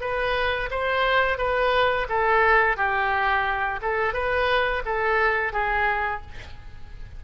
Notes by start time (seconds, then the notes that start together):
0.00 B4
0.70 C5
1.38 B4
2.08 A4
2.76 G4
3.82 A4
4.13 B4
4.85 A4
5.52 G#4